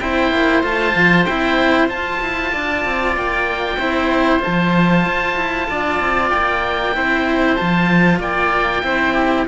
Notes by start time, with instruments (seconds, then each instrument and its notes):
0.00 cello C4 E4, oboe C5 G5
0.31 cello A#3
0.63 cello A3 F4, oboe A5
0.95 cello F3
1.25 cello C4 E4, oboe G5
1.88 cello F4, oboe A5
2.21 cello E4
2.52 cello D4, oboe D5
2.85 cello C4
3.16 cello A#3, oboe G5
3.77 cello C4 E4, oboe C5
4.40 cello F4, oboe A5
4.46 cello F3
5.06 cello F4
5.36 cello E4
5.69 cello D4, oboe D5
6.00 cello C4
6.30 cello A#3, oboe G5
6.94 cello C4 E4, oboe C5
7.55 cello F3 F4, oboe A5
8.19 cello A#3, oboe D5 G5
8.83 cello C4 E4, oboe C5
9.13 oboe G4